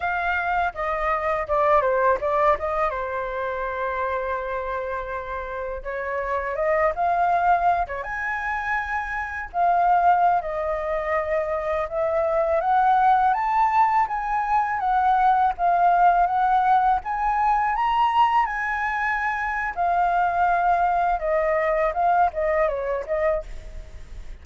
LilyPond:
\new Staff \with { instrumentName = "flute" } { \time 4/4 \tempo 4 = 82 f''4 dis''4 d''8 c''8 d''8 dis''8 | c''1 | cis''4 dis''8 f''4~ f''16 cis''16 gis''4~ | gis''4 f''4~ f''16 dis''4.~ dis''16~ |
dis''16 e''4 fis''4 a''4 gis''8.~ | gis''16 fis''4 f''4 fis''4 gis''8.~ | gis''16 ais''4 gis''4.~ gis''16 f''4~ | f''4 dis''4 f''8 dis''8 cis''8 dis''8 | }